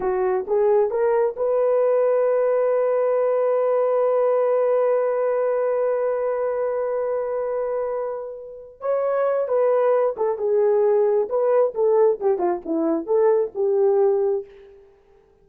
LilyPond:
\new Staff \with { instrumentName = "horn" } { \time 4/4 \tempo 4 = 133 fis'4 gis'4 ais'4 b'4~ | b'1~ | b'1~ | b'1~ |
b'2.~ b'8 cis''8~ | cis''4 b'4. a'8 gis'4~ | gis'4 b'4 a'4 g'8 f'8 | e'4 a'4 g'2 | }